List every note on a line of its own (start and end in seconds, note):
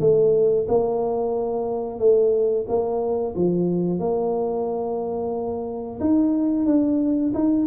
0.00 0.67 A3
0.68 1.99 A#3
1.99 2.65 A3
2.68 3.35 A#3
3.35 3.99 F3
3.99 5.99 A#3
6.00 6.65 D#4
6.65 7.32 D4
7.34 7.66 D#4